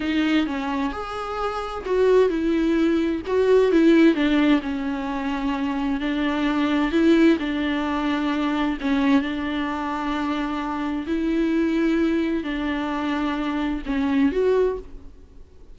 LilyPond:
\new Staff \with { instrumentName = "viola" } { \time 4/4 \tempo 4 = 130 dis'4 cis'4 gis'2 | fis'4 e'2 fis'4 | e'4 d'4 cis'2~ | cis'4 d'2 e'4 |
d'2. cis'4 | d'1 | e'2. d'4~ | d'2 cis'4 fis'4 | }